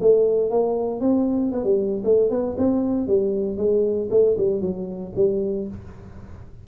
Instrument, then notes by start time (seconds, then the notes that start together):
tuba
0.00 A3
0.50 A#3
1.00 C4
1.52 B3
1.63 G3
2.04 A3
2.30 B3
2.57 C4
3.07 G3
3.57 G#3
4.10 A3
4.37 G3
4.61 F#3
5.15 G3